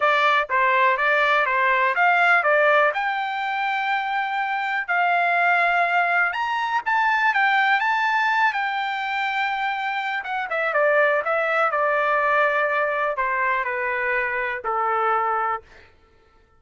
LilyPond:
\new Staff \with { instrumentName = "trumpet" } { \time 4/4 \tempo 4 = 123 d''4 c''4 d''4 c''4 | f''4 d''4 g''2~ | g''2 f''2~ | f''4 ais''4 a''4 g''4 |
a''4. g''2~ g''8~ | g''4 fis''8 e''8 d''4 e''4 | d''2. c''4 | b'2 a'2 | }